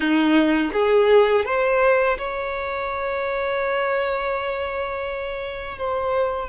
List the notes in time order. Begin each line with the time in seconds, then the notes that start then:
0.00 D#4
0.73 G#4
1.45 C5
2.18 C#5
5.77 C5